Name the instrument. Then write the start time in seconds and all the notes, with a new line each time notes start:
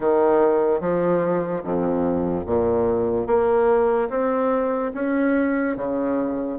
bassoon
0.00 D#3
0.80 F3
1.63 F2
2.45 A#2
3.27 A#3
4.09 C4
4.94 C#4
5.76 C#3